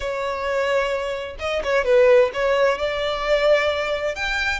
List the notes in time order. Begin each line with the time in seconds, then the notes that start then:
0.00 C#5
1.39 D#5
1.63 C#5
1.84 B4
2.33 C#5
2.78 D5
4.15 G5